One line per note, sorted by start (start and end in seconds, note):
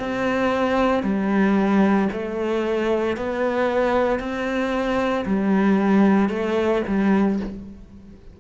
0.00 1.03 C4
1.03 2.09 G3
2.13 3.17 A3
3.17 4.20 B3
4.20 5.25 C4
5.26 6.30 G3
6.30 6.82 A3
6.88 7.40 G3